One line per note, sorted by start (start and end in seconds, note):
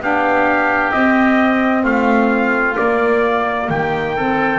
0.00 0.92 B3
0.00 0.93 D4
0.00 1.83 G4
0.00 0.92 F5
0.92 2.75 C4
0.92 1.84 C4
0.92 1.84 D#5
1.83 2.76 A3
1.83 3.67 F4
1.83 2.77 F5
2.75 4.14 A#3
2.75 3.70 A#3
2.75 3.69 D5
3.70 4.59 D#3
3.70 4.16 G4
3.70 4.59 G5
4.16 4.59 C4
4.16 4.59 A4